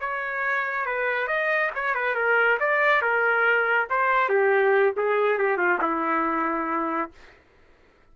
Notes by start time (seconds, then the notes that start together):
0.00 C#5
0.86 B4
1.27 D#5
1.75 C#5
1.94 B4
2.15 A#4
2.60 D5
3.02 A#4
3.90 C5
4.29 G4
4.97 G#4
5.38 G4
5.57 F4
5.81 E4